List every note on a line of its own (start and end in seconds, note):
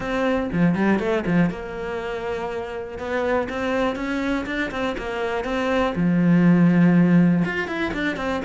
0.00 0.50 C4
0.52 0.74 F3
0.74 0.99 G3
0.99 1.24 A3
1.26 1.50 F3
1.50 2.98 A#3
2.98 3.48 B3
3.49 3.95 C4
3.95 4.45 C#4
4.46 4.70 D4
4.71 4.96 C4
4.97 5.44 A#3
5.44 5.93 C4
5.95 7.44 F3
7.44 7.67 F4
7.67 7.92 E4
7.93 8.16 D4
8.16 8.41 C4